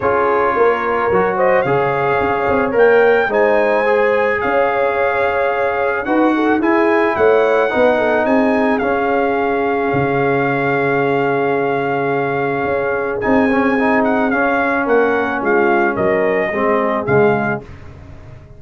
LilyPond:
<<
  \new Staff \with { instrumentName = "trumpet" } { \time 4/4 \tempo 4 = 109 cis''2~ cis''8 dis''8 f''4~ | f''4 g''4 gis''2 | f''2. fis''4 | gis''4 fis''2 gis''4 |
f''1~ | f''1 | gis''4. fis''8 f''4 fis''4 | f''4 dis''2 f''4 | }
  \new Staff \with { instrumentName = "horn" } { \time 4/4 gis'4 ais'4. c''8 cis''4~ | cis''2 c''2 | cis''2. b'8 a'8 | gis'4 cis''4 b'8 a'8 gis'4~ |
gis'1~ | gis'1~ | gis'2. ais'4 | f'4 ais'4 gis'2 | }
  \new Staff \with { instrumentName = "trombone" } { \time 4/4 f'2 fis'4 gis'4~ | gis'4 ais'4 dis'4 gis'4~ | gis'2. fis'4 | e'2 dis'2 |
cis'1~ | cis'1 | dis'8 cis'8 dis'4 cis'2~ | cis'2 c'4 gis4 | }
  \new Staff \with { instrumentName = "tuba" } { \time 4/4 cis'4 ais4 fis4 cis4 | cis'8 c'8 ais4 gis2 | cis'2. dis'4 | e'4 a4 b4 c'4 |
cis'2 cis2~ | cis2. cis'4 | c'2 cis'4 ais4 | gis4 fis4 gis4 cis4 | }
>>